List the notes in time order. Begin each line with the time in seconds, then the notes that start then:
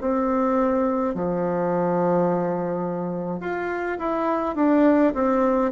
0.00 C4
1.14 F3
3.40 F4
3.98 E4
4.55 D4
5.14 C4